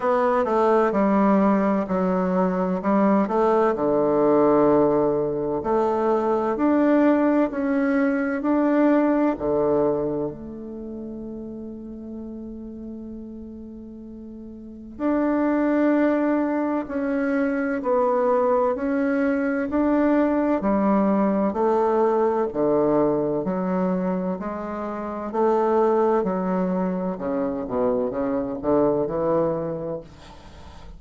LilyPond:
\new Staff \with { instrumentName = "bassoon" } { \time 4/4 \tempo 4 = 64 b8 a8 g4 fis4 g8 a8 | d2 a4 d'4 | cis'4 d'4 d4 a4~ | a1 |
d'2 cis'4 b4 | cis'4 d'4 g4 a4 | d4 fis4 gis4 a4 | fis4 cis8 b,8 cis8 d8 e4 | }